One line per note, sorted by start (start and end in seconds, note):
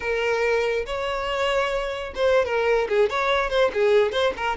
0.00 0.85 A#4
0.85 2.13 C#5
2.15 2.45 C5
2.45 2.87 A#4
2.88 3.09 G#4
3.09 3.50 C#5
3.50 3.71 C5
3.73 4.11 G#4
4.11 4.33 C5
4.36 4.56 A#4